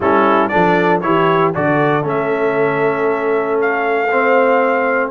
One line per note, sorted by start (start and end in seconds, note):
0.00 0.49 G3
0.00 0.50 C#4
0.00 0.51 E4
0.00 0.48 A4
0.48 1.01 D4
0.48 1.02 A4
0.48 0.99 D5
0.54 1.03 F3
1.01 1.55 E3
1.01 1.54 E4
1.01 1.54 G4
1.01 1.52 C#5
1.54 2.04 D3
1.54 2.02 F#4
1.54 4.11 A4
1.54 2.06 D5
2.02 5.10 A3
2.02 4.07 C#4
2.02 3.61 E5
3.61 5.10 F5
4.11 5.10 C4
4.11 5.10 C5